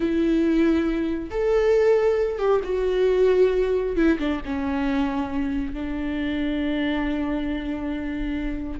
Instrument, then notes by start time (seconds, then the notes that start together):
viola
0.00 E4
1.30 A4
2.38 G4
2.64 F#4
3.96 E4
4.19 D4
4.45 C#4
5.73 D4